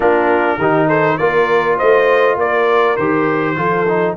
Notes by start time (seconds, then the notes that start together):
0.00 A#3 D4 F4 A#4
0.58 D#3 D#4 G4
0.88 A4 C5
1.17 A#3 F4 A#4 D5
1.77 A3 C5 D#5
2.36 A#3 A#4 D5
2.96 D#3 G4 C5
3.56 F3 F4 A4
3.87 D#4